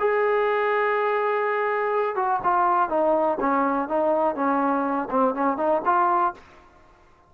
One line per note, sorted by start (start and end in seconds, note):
0.00 2.16 G#4
2.16 2.40 F#4
2.44 2.90 F4
2.90 3.38 D#4
3.40 3.89 C#4
3.89 4.35 D#4
4.35 5.09 C#4
5.11 5.35 C4
5.35 5.58 C#4
5.58 5.82 D#4
5.86 6.34 F4